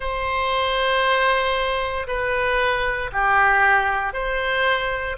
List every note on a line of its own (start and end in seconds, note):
0.00 2.06 C5
2.07 3.10 B4
3.12 4.13 G4
4.13 5.16 C5